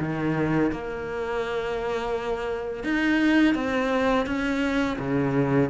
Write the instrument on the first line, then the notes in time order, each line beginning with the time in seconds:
cello
0.00 D#3
0.72 A#3
2.84 D#4
3.55 C4
4.26 C#4
4.99 C#3